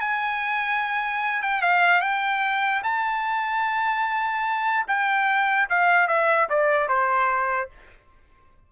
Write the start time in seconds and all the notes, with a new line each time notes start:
0.00 G#5
1.42 G5
1.62 F5
2.01 G5
2.83 A5
4.87 G5
5.69 F5
6.07 E5
6.49 D5
6.88 C5